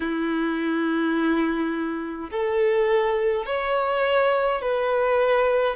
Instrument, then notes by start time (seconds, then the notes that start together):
violin
0.00 E4
2.31 A4
3.46 C#5
4.62 B4